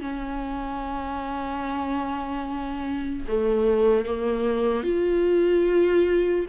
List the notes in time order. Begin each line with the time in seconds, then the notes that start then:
0.00 C#4
3.27 A3
4.05 A#3
4.83 F4